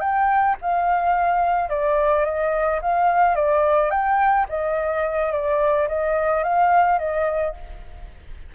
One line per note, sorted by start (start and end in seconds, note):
0.00 0.56 G5
0.61 1.69 F5
1.69 2.24 D5
2.24 2.80 D#5
2.82 3.35 F5
3.35 3.90 D5
3.90 4.46 G5
4.48 5.32 D#5
5.32 5.88 D5
5.88 6.43 D#5
6.43 6.98 F5
6.98 7.54 D#5